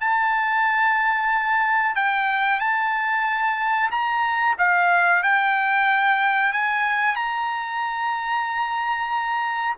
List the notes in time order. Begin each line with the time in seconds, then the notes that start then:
0.00 A5
1.95 G5
2.60 A5
3.91 A#5
4.58 F5
5.23 G5
6.52 G#5
7.15 A#5